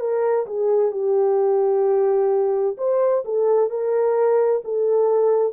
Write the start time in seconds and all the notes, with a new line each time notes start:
0.00 A#4
0.47 G#4
0.92 G4
2.77 C5
3.25 A4
3.70 A#4
4.64 A4